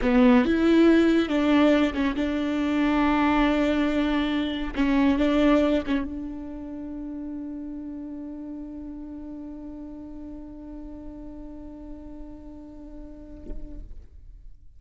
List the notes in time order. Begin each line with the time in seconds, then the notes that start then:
0.02 B3
0.45 E4
1.28 D4
1.93 C#4
2.15 D4
4.75 C#4
5.18 D4
5.86 C#4
6.04 D4